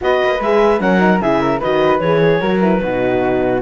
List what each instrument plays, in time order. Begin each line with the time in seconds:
0.01 cello B3, horn F#4, flute B4, clarinet D#5
0.23 cello A#3
0.40 cello G#3, horn G#4, clarinet E5
0.79 cello F#3, horn C#4, flute A#4, clarinet F#5
0.99 horn D#4
1.20 cello C#3, horn E4, flute G#4, clarinet E5
1.40 flute A#4
1.59 cello D#3, horn F#4, flute B4, clarinet D#5
1.99 cello E3, horn G#4, clarinet C#5
2.21 flute G#4
2.40 cello F#3, horn F#4, flute A#4
2.61 horn E4, clarinet B4
2.82 cello B2, horn D#4, flute F#4